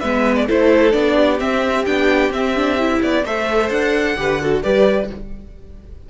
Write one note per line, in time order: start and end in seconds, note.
0.00 0.49 G#3
0.00 0.48 B3
0.00 0.46 B4
0.00 0.35 E5
0.36 0.47 D5
0.47 0.94 A3
0.47 0.92 E4
0.47 1.16 A4
0.47 0.92 C5
0.92 1.40 B3
0.92 1.38 D4
0.92 1.38 D5
1.16 3.24 G4
1.39 1.85 C4
1.39 1.87 C4
1.39 1.85 E5
1.85 2.30 B3
1.85 2.32 D4
1.85 2.32 G5
2.30 3.00 C4
2.30 2.56 C4
2.30 3.02 E5
2.56 2.78 D4
2.78 3.25 E4
3.02 3.24 B3
3.02 3.26 D5
3.24 3.70 A3
3.24 4.17 A4
3.24 4.17 C5
3.24 3.70 E5
3.70 4.16 D4
3.70 4.62 F#5
4.17 4.63 D3
4.17 4.40 G4
4.17 4.42 B4
4.41 4.63 F#4
4.41 4.63 A4
4.63 5.10 G3
4.63 5.09 G4
4.63 5.09 B4
4.63 5.09 D5